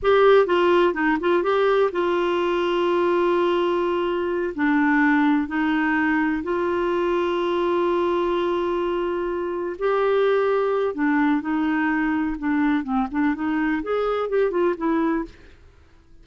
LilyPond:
\new Staff \with { instrumentName = "clarinet" } { \time 4/4 \tempo 4 = 126 g'4 f'4 dis'8 f'8 g'4 | f'1~ | f'4. d'2 dis'8~ | dis'4. f'2~ f'8~ |
f'1~ | f'8 g'2~ g'8 d'4 | dis'2 d'4 c'8 d'8 | dis'4 gis'4 g'8 f'8 e'4 | }